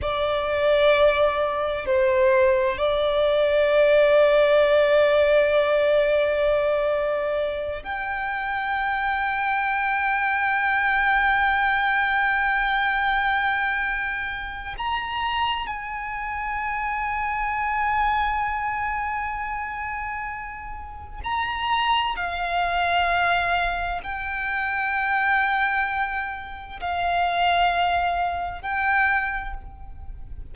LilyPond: \new Staff \with { instrumentName = "violin" } { \time 4/4 \tempo 4 = 65 d''2 c''4 d''4~ | d''1~ | d''8 g''2.~ g''8~ | g''1 |
ais''4 gis''2.~ | gis''2. ais''4 | f''2 g''2~ | g''4 f''2 g''4 | }